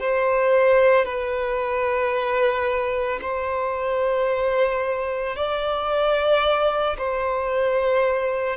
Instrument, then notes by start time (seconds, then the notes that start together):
violin
0.00 C5
1.05 B4
3.21 C5
5.36 D5
6.98 C5